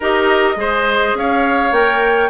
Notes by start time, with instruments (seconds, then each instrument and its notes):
0.00 bassoon D#4, clarinet G4, oboe A#4, flute D#5
0.55 bassoon G#3, clarinet G#4, oboe C5
1.14 bassoon C#4, oboe C#5, flute F5
1.71 bassoon A#3, clarinet A#4, flute G5